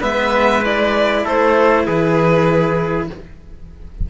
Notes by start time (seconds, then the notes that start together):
0.00 G#3 B3 B4 E5
0.62 E4 D5
1.24 A3 A4 C5
1.85 E3 G#4 B4